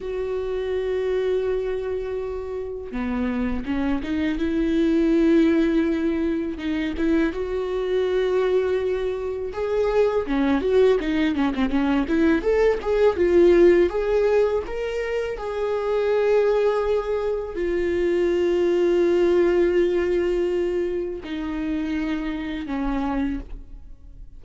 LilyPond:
\new Staff \with { instrumentName = "viola" } { \time 4/4 \tempo 4 = 82 fis'1 | b4 cis'8 dis'8 e'2~ | e'4 dis'8 e'8 fis'2~ | fis'4 gis'4 cis'8 fis'8 dis'8 cis'16 c'16 |
cis'8 e'8 a'8 gis'8 f'4 gis'4 | ais'4 gis'2. | f'1~ | f'4 dis'2 cis'4 | }